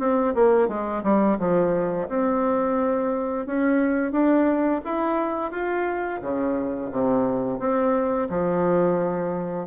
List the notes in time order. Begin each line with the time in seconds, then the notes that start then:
0.00 C4
0.35 A#3
0.69 G#3
1.04 G3
1.39 F3
2.09 C4
3.46 C#4
4.12 D4
4.85 E4
5.52 F4
6.22 C#3
6.92 C3
7.60 C4
8.30 F3